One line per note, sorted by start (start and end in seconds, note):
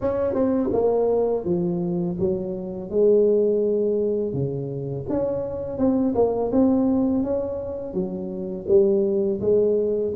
0.01 0.34 C#4
0.34 0.70 C4
0.72 1.44 A#3
1.44 2.17 F3
2.19 2.90 F#3
2.90 4.33 G#3
4.33 5.05 C#3
5.09 5.78 C#4
5.78 6.14 C4
6.14 6.51 A#3
6.52 7.23 C4
7.23 7.93 C#4
7.93 8.65 F#3
8.68 9.40 G3
9.40 10.12 G#3